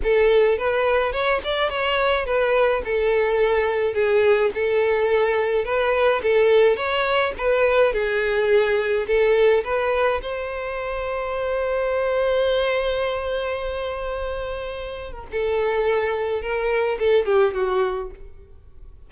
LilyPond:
\new Staff \with { instrumentName = "violin" } { \time 4/4 \tempo 4 = 106 a'4 b'4 cis''8 d''8 cis''4 | b'4 a'2 gis'4 | a'2 b'4 a'4 | cis''4 b'4 gis'2 |
a'4 b'4 c''2~ | c''1~ | c''2~ c''8. ais'16 a'4~ | a'4 ais'4 a'8 g'8 fis'4 | }